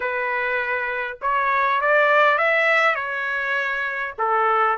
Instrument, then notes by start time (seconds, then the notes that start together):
trumpet
0.00 B4
1.21 C#5
1.81 D5
2.38 E5
2.95 C#5
4.18 A4